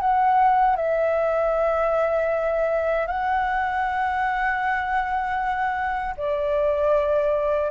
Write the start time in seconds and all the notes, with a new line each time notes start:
0.00 F#5
0.76 E5
3.07 F#5
6.17 D5